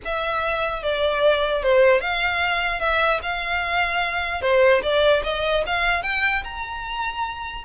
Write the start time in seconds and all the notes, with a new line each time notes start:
0.05 E5
0.83 D5
1.62 C5
2.01 F5
2.79 E5
3.22 F5
4.41 C5
4.82 D5
5.23 D#5
5.66 F5
6.02 G5
6.44 A#5